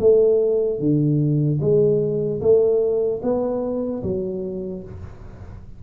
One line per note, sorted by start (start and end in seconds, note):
0.00 0.80 A3
0.80 1.60 D3
1.61 2.41 G#3
2.41 3.21 A3
3.23 4.03 B3
4.03 4.83 F#3